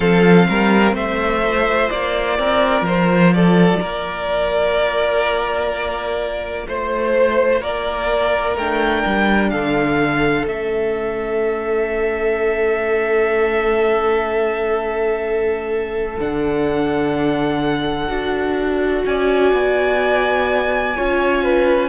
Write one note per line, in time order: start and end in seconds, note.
0.00 0.47 F3
0.00 1.42 C4
0.00 0.45 A4
0.00 0.95 F5
0.49 0.92 G3
0.49 0.94 A#4
0.92 1.88 A3
0.92 2.37 C5
0.92 1.90 E5
1.42 8.56 F4
1.90 2.38 A#3
1.90 2.85 D5
2.38 2.81 C4
2.38 3.34 A#4
2.81 3.76 F3
2.81 3.33 C5
3.33 3.79 A4
3.33 6.67 D5
3.79 6.67 A#3
3.79 6.65 A#4
6.67 7.60 A3
6.67 7.60 C5
6.67 7.62 C5
7.60 8.55 A#3
7.60 9.50 A#4
7.60 8.57 D5
8.55 9.03 A3
8.55 10.45 D4
8.55 9.50 G5
9.06 9.52 G3
9.50 10.47 D3
9.50 19.05 A4
9.50 10.45 F5
10.45 16.18 A3
10.45 16.16 C#4
10.45 16.19 E5
16.19 18.09 D3
16.19 18.08 D4
16.19 19.05 F#5
18.08 19.04 D4
18.08 20.93 F#4
19.05 19.53 C#4
19.05 20.96 D5
19.05 21.88 G#5
19.53 20.95 B3
20.96 21.88 C#4
20.96 21.88 F4
20.96 21.43 C#5
21.43 21.88 B4